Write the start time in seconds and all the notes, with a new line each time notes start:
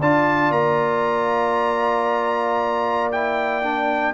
0.00 D4 F4 D5 A5
0.51 A#3 A#5
3.12 E4 G5
3.63 D4